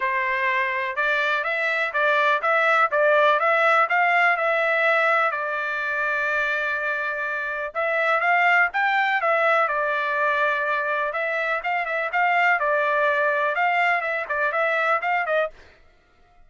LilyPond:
\new Staff \with { instrumentName = "trumpet" } { \time 4/4 \tempo 4 = 124 c''2 d''4 e''4 | d''4 e''4 d''4 e''4 | f''4 e''2 d''4~ | d''1 |
e''4 f''4 g''4 e''4 | d''2. e''4 | f''8 e''8 f''4 d''2 | f''4 e''8 d''8 e''4 f''8 dis''8 | }